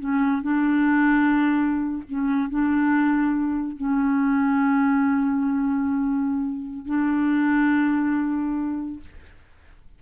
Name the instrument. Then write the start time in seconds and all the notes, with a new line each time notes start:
clarinet
0.00 C#4
0.42 D4
2.09 C#4
2.50 D4
3.77 C#4
6.86 D4